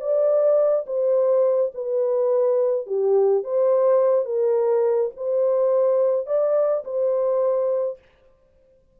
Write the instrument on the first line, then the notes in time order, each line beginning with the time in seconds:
horn
0.00 D5
0.86 C5
1.75 B4
2.86 G4
3.44 C5
4.25 A#4
5.16 C5
6.26 D5
6.84 C5